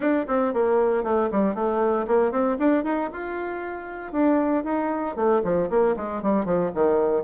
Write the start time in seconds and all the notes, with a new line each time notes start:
0.00 D4
0.27 C4
0.53 A#3
1.03 A3
1.31 G3
1.54 A3
2.07 A#3
2.31 C4
2.58 D4
2.84 D#4
3.12 F4
4.12 D4
4.64 D#4
5.15 A3
5.44 F3
5.69 A#3
5.96 G#3
6.22 G3
6.45 F3
6.74 D#3